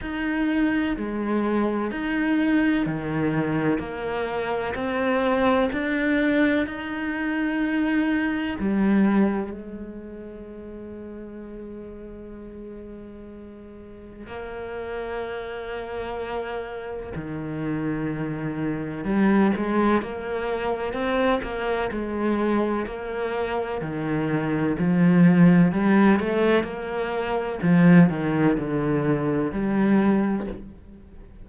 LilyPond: \new Staff \with { instrumentName = "cello" } { \time 4/4 \tempo 4 = 63 dis'4 gis4 dis'4 dis4 | ais4 c'4 d'4 dis'4~ | dis'4 g4 gis2~ | gis2. ais4~ |
ais2 dis2 | g8 gis8 ais4 c'8 ais8 gis4 | ais4 dis4 f4 g8 a8 | ais4 f8 dis8 d4 g4 | }